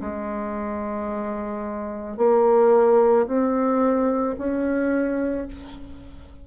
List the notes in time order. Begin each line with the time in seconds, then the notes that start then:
0.00 G#3
2.17 A#3
3.26 C4
4.38 C#4